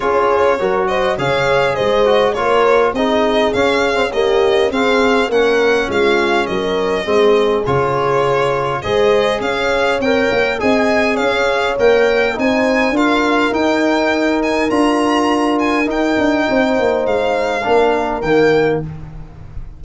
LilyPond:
<<
  \new Staff \with { instrumentName = "violin" } { \time 4/4 \tempo 4 = 102 cis''4. dis''8 f''4 dis''4 | cis''4 dis''4 f''4 dis''4 | f''4 fis''4 f''4 dis''4~ | dis''4 cis''2 dis''4 |
f''4 g''4 gis''4 f''4 | g''4 gis''4 f''4 g''4~ | g''8 gis''8 ais''4. gis''8 g''4~ | g''4 f''2 g''4 | }
  \new Staff \with { instrumentName = "horn" } { \time 4/4 gis'4 ais'8 c''8 cis''4 c''4 | ais'4 gis'2 g'4 | gis'4 ais'4 f'4 ais'4 | gis'2. c''4 |
cis''2 dis''4 cis''4~ | cis''4 c''4 ais'2~ | ais'1 | c''2 ais'2 | }
  \new Staff \with { instrumentName = "trombone" } { \time 4/4 f'4 fis'4 gis'4. fis'8 | f'4 dis'4 cis'8. c'16 ais4 | c'4 cis'2. | c'4 f'2 gis'4~ |
gis'4 ais'4 gis'2 | ais'4 dis'4 f'4 dis'4~ | dis'4 f'2 dis'4~ | dis'2 d'4 ais4 | }
  \new Staff \with { instrumentName = "tuba" } { \time 4/4 cis'4 fis4 cis4 gis4 | ais4 c'4 cis'2 | c'4 ais4 gis4 fis4 | gis4 cis2 gis4 |
cis'4 c'8 ais8 c'4 cis'4 | ais4 c'4 d'4 dis'4~ | dis'4 d'2 dis'8 d'8 | c'8 ais8 gis4 ais4 dis4 | }
>>